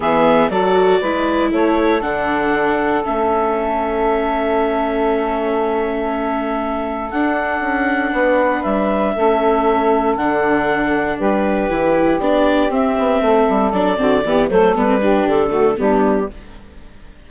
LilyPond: <<
  \new Staff \with { instrumentName = "clarinet" } { \time 4/4 \tempo 4 = 118 e''4 d''2 cis''4 | fis''2 e''2~ | e''1~ | e''2 fis''2~ |
fis''4 e''2. | fis''2 b'2 | d''4 e''2 d''4~ | d''8 c''8 b'4 a'4 g'4 | }
  \new Staff \with { instrumentName = "saxophone" } { \time 4/4 gis'4 a'4 b'4 a'4~ | a'1~ | a'1~ | a'1 |
b'2 a'2~ | a'2 g'2~ | g'2 a'4. fis'8 | g'8 a'4 g'4 fis'8 d'4 | }
  \new Staff \with { instrumentName = "viola" } { \time 4/4 b4 fis'4 e'2 | d'2 cis'2~ | cis'1~ | cis'2 d'2~ |
d'2 cis'2 | d'2. e'4 | d'4 c'2 d'8 c'8 | b8 a8 b16 c'16 d'4 a8 b4 | }
  \new Staff \with { instrumentName = "bassoon" } { \time 4/4 e4 fis4 gis4 a4 | d2 a2~ | a1~ | a2 d'4 cis'4 |
b4 g4 a2 | d2 g4 e4 | b4 c'8 b8 a8 g8 fis8 d8 | e8 fis8 g4 d4 g4 | }
>>